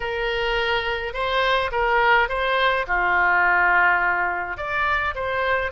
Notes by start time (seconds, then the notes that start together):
0.00 A#4
1.13 C5
1.71 A#4
2.29 C5
2.87 F4
4.57 D5
5.14 C5